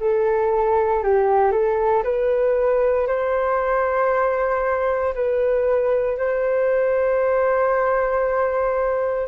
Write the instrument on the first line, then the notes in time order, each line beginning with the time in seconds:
flute
0.00 A4
1.03 G4
1.52 A4
2.04 B4
3.08 C5
5.15 B4
6.18 C5